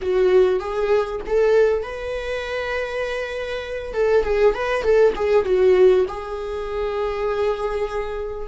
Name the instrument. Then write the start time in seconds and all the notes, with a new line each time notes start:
viola
0.01 F#4
0.59 G#4
1.26 A4
1.82 B4
3.93 A4
4.24 G#4
4.54 B4
4.82 A4
5.15 G#4
5.45 F#4
6.08 G#4